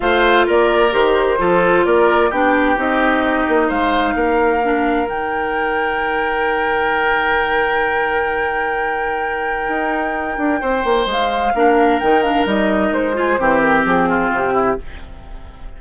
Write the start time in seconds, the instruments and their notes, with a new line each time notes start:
0.00 bassoon A3, clarinet F4, oboe C5, flute F5
0.46 bassoon A#3, oboe A#4, flute D5
0.91 bassoon D#3, clarinet G4, flute C5
1.38 bassoon F3, clarinet F4, oboe A4
1.85 bassoon A#3, oboe A#4, flute D5
2.30 bassoon B3, clarinet D4, oboe G4, flute G5
2.76 bassoon C4, clarinet D#4, flute D#5
3.48 bassoon A#3
3.67 bassoon G#3, oboe C5, flute F5
4.14 bassoon A#3, oboe A#4
4.64 clarinet D4
5.06 bassoon D#3, clarinet D#4, flute G5
9.68 bassoon D#4
10.37 bassoon D4
10.60 bassoon C4, oboe C5
10.84 bassoon A#3
11.06 bassoon G#3, flute F5
11.54 bassoon A#3, clarinet D4, oboe A#4
11.99 bassoon D#3, clarinet D#4, flute G5
12.22 clarinet D4, flute F5
12.45 bassoon G3, clarinet D#4, flute D#5
12.91 bassoon G#3, flute C5
13.13 clarinet F4, oboe G#4
13.39 bassoon E3, clarinet C4, oboe G4
13.60 flute A#4
13.85 bassoon F3, flute G#4
14.09 oboe F4
14.30 bassoon C3, flute G4
14.53 oboe E4